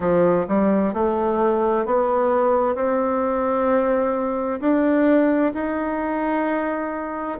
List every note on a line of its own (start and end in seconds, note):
0.00 0.46 F3
0.48 0.93 G3
0.93 1.85 A3
1.85 2.75 B3
2.75 4.59 C4
4.60 5.52 D4
5.54 7.38 D#4